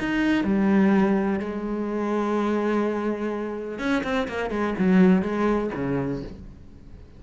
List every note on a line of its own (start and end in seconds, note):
0.00 0.44 D#4
0.44 1.40 G3
1.40 3.79 G#3
3.79 4.03 C#4
4.03 4.27 C4
4.28 4.50 A#3
4.50 4.74 G#3
4.79 5.22 F#3
5.22 5.70 G#3
5.75 6.23 C#3